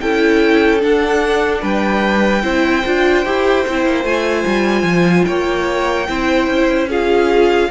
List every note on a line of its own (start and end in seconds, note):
0.00 0.83 C#4
0.00 0.80 E4
0.00 1.61 A4
0.00 0.81 G5
0.80 2.42 D4
0.80 1.62 D4
0.80 1.63 F#5
1.61 2.43 G3
1.61 2.42 B4
1.61 4.05 G5
2.42 2.84 C4
2.42 2.83 E4
2.42 5.26 C5
2.85 3.25 D4
2.85 3.25 F4
3.25 3.66 E4
3.25 3.65 G4
3.68 3.85 C4
3.68 4.04 E4
3.85 4.04 A#3
4.04 4.44 A3
4.04 6.07 F4
4.04 5.24 G#5
4.46 4.83 G3
4.83 5.23 F3
5.24 6.08 A#3
5.24 6.08 C#5
5.24 6.87 G5
6.07 6.47 C4
6.07 6.89 E4
6.07 6.89 C5
6.47 7.69 C#4
6.89 7.71 F4
6.89 7.70 G#4
6.89 7.71 F5